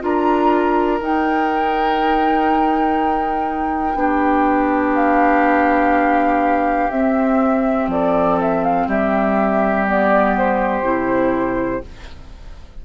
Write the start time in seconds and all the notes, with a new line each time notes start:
0.00 D4 F4 A#4 A#5
1.00 D#4 G5
3.94 B3 D4 G4
4.94 F5
6.90 C4 E5
7.87 F3 A4 D5
8.40 E5
8.64 F5
8.87 G3 G4 E5
9.86 B3 D5
10.37 C5
10.82 C3 E4